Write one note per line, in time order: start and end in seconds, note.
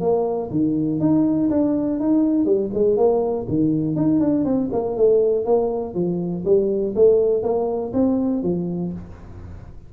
0.00 0.50 A#3
0.50 1.00 D#3
1.00 1.49 D#4
1.50 1.99 D4
1.99 2.45 D#4
2.45 2.70 G3
2.73 2.97 G#3
2.97 3.46 A#3
3.48 3.96 D#3
3.96 4.20 D#4
4.20 4.44 D4
4.44 4.69 C4
4.72 4.97 A#3
4.97 5.45 A3
5.45 5.94 A#3
5.94 6.44 F3
6.45 6.94 G3
6.95 7.43 A3
7.43 7.92 A#3
7.93 8.43 C4
8.43 8.92 F3